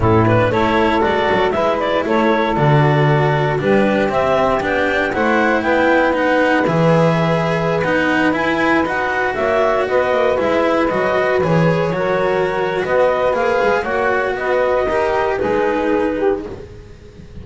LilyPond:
<<
  \new Staff \with { instrumentName = "clarinet" } { \time 4/4 \tempo 4 = 117 a'8 b'8 cis''4 d''4 e''8 d''8 | cis''4 d''2 b'4 | e''4 g''4 fis''4 g''4 | fis''4 e''2~ e''16 fis''8.~ |
fis''16 gis''4 fis''4 e''4 dis''8.~ | dis''16 e''4 dis''4 cis''4.~ cis''16~ | cis''4 dis''4 f''4 fis''4 | dis''2 b'2 | }
  \new Staff \with { instrumentName = "saxophone" } { \time 4/4 e'4 a'2 b'4 | a'2. g'4~ | g'2 c''4 b'4~ | b'1~ |
b'2~ b'16 cis''4 b'8.~ | b'2.~ b'16 ais'8.~ | ais'4 b'2 cis''4 | b'4 ais'4 gis'4. g'8 | }
  \new Staff \with { instrumentName = "cello" } { \time 4/4 cis'8 d'8 e'4 fis'4 e'4~ | e'4 fis'2 d'4 | c'4 d'4 e'2 | dis'4 gis'2~ gis'16 dis'8.~ |
dis'16 e'4 fis'2~ fis'8.~ | fis'16 e'4 fis'4 gis'4 fis'8.~ | fis'2 gis'4 fis'4~ | fis'4 g'4 dis'2 | }
  \new Staff \with { instrumentName = "double bass" } { \time 4/4 a,4 a4 gis8 fis8 gis4 | a4 d2 g4 | c'4 b4 a4 b4~ | b4 e2~ e16 b8.~ |
b16 e'4 dis'4 ais4 b8 ais16~ | ais16 gis4 fis4 e4 fis8.~ | fis4 b4 ais8 gis8 ais4 | b4 dis'4 gis2 | }
>>